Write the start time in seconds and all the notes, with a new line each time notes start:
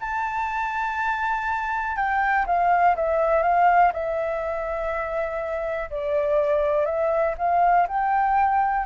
0.00 A5
1.96 G5
2.46 F5
2.95 E5
3.42 F5
3.93 E5
5.90 D5
6.85 E5
7.37 F5
7.87 G5